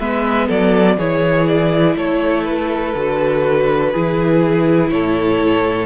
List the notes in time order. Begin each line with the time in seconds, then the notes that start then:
0.00 G#3 B3 B4 E5
0.48 F#3 A4 D5
0.97 E3 E4 G#4 C#5
1.47 D5
1.96 A3 A4 C#5
2.44 B4
2.96 D3 F#4
3.92 E3 E4 G#4
4.90 A2 A4 C#5